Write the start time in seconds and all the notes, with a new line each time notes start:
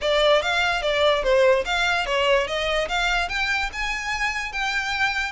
0.01 D5
0.41 F5
0.82 D5
1.23 C5
1.65 F5
2.06 C#5
2.47 D#5
2.88 F5
3.29 G5
3.72 G#5
4.52 G5